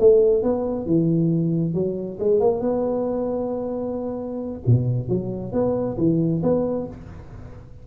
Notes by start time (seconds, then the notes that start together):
0.00 A3
0.43 B3
0.87 E3
1.75 F#3
2.20 G#3
2.40 A#3
2.61 B3
4.67 B2
5.09 F#3
5.53 B3
5.98 E3
6.43 B3